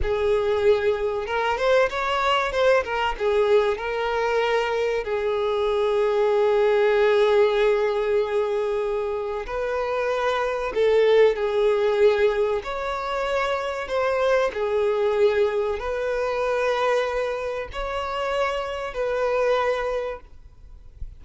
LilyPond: \new Staff \with { instrumentName = "violin" } { \time 4/4 \tempo 4 = 95 gis'2 ais'8 c''8 cis''4 | c''8 ais'8 gis'4 ais'2 | gis'1~ | gis'2. b'4~ |
b'4 a'4 gis'2 | cis''2 c''4 gis'4~ | gis'4 b'2. | cis''2 b'2 | }